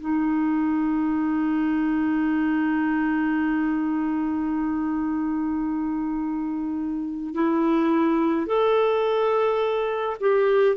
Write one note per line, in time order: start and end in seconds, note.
0.00 7.34 D#4
7.34 8.47 E4
8.47 10.17 A4
10.20 10.77 G4